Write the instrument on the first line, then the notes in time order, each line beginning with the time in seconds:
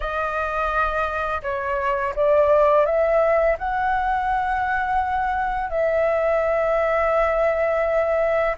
flute
0.00 D#5
1.42 C#5
2.15 D5
2.85 E5
3.58 F#5
5.70 E5